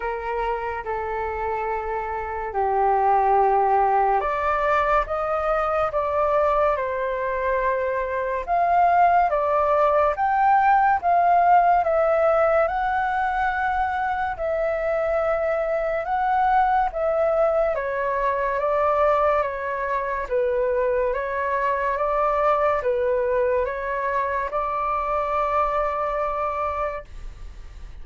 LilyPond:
\new Staff \with { instrumentName = "flute" } { \time 4/4 \tempo 4 = 71 ais'4 a'2 g'4~ | g'4 d''4 dis''4 d''4 | c''2 f''4 d''4 | g''4 f''4 e''4 fis''4~ |
fis''4 e''2 fis''4 | e''4 cis''4 d''4 cis''4 | b'4 cis''4 d''4 b'4 | cis''4 d''2. | }